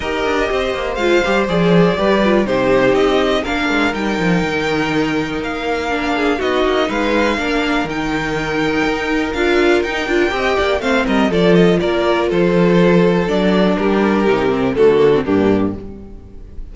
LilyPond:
<<
  \new Staff \with { instrumentName = "violin" } { \time 4/4 \tempo 4 = 122 dis''2 f''4 d''4~ | d''4 c''4 dis''4 f''4 | g''2. f''4~ | f''4 dis''4 f''2 |
g''2. f''4 | g''2 f''8 dis''8 d''8 dis''8 | d''4 c''2 d''4 | ais'2 a'4 g'4 | }
  \new Staff \with { instrumentName = "violin" } { \time 4/4 ais'4 c''2. | b'4 g'2 ais'4~ | ais'1~ | ais'8 gis'8 fis'4 b'4 ais'4~ |
ais'1~ | ais'4 dis''8 d''8 c''8 ais'8 a'4 | ais'4 a'2. | g'2 fis'4 d'4 | }
  \new Staff \with { instrumentName = "viola" } { \time 4/4 g'2 f'8 g'8 gis'4 | g'8 f'8 dis'2 d'4 | dis'1 | d'4 dis'2 d'4 |
dis'2. f'4 | dis'8 f'8 g'4 c'4 f'4~ | f'2. d'4~ | d'4 dis'8 c'8 a8 ais16 c'16 ais4 | }
  \new Staff \with { instrumentName = "cello" } { \time 4/4 dis'8 d'8 c'8 ais8 gis8 g8 f4 | g4 c4 c'4 ais8 gis8 | g8 f8 dis2 ais4~ | ais4 b8 ais8 gis4 ais4 |
dis2 dis'4 d'4 | dis'8 d'8 c'8 ais8 a8 g8 f4 | ais4 f2 fis4 | g4 c4 d4 g,4 | }
>>